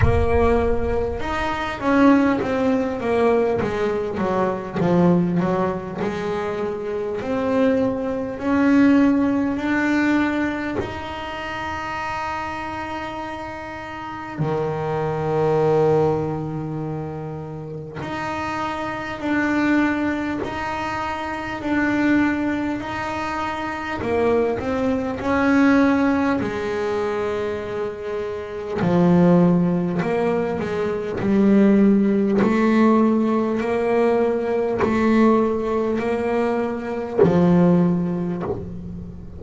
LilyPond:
\new Staff \with { instrumentName = "double bass" } { \time 4/4 \tempo 4 = 50 ais4 dis'8 cis'8 c'8 ais8 gis8 fis8 | f8 fis8 gis4 c'4 cis'4 | d'4 dis'2. | dis2. dis'4 |
d'4 dis'4 d'4 dis'4 | ais8 c'8 cis'4 gis2 | f4 ais8 gis8 g4 a4 | ais4 a4 ais4 f4 | }